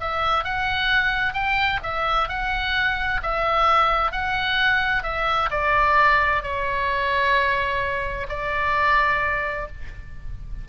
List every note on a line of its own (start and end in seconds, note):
0.00 0.44 E5
0.44 1.33 F#5
1.33 1.79 G5
1.82 2.28 E5
2.28 3.20 F#5
3.22 4.11 E5
4.11 5.03 F#5
5.03 5.49 E5
5.50 6.42 D5
6.42 8.27 C#5
8.28 9.67 D5